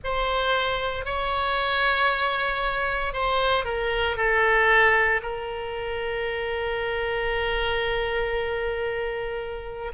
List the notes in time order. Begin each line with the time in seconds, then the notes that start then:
0.04 C5
1.05 C#5
3.13 C5
3.65 A#4
4.16 A4
5.22 A#4